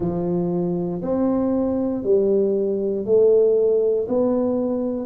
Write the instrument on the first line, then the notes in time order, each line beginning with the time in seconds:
tuba
0.00 F3
1.02 C4
2.03 G3
3.05 A3
4.08 B3